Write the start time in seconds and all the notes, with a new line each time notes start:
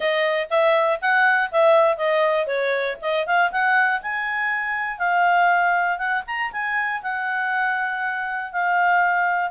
0.00 D#5
0.50 E5
1.01 F#5
1.51 E5
1.97 D#5
2.46 C#5
3.01 D#5
3.26 F5
3.51 F#5
4.01 G#5
4.98 F5
5.97 F#5
6.26 A#5
6.52 G#5
7.02 F#5
8.52 F5